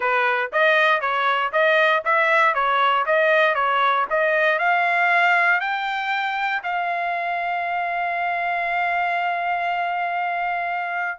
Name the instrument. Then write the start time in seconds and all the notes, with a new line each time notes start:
trumpet
0.00 B4
0.52 D#5
1.00 C#5
1.52 D#5
2.05 E5
2.54 C#5
3.06 D#5
3.54 C#5
4.10 D#5
4.59 F5
5.60 G5
6.63 F5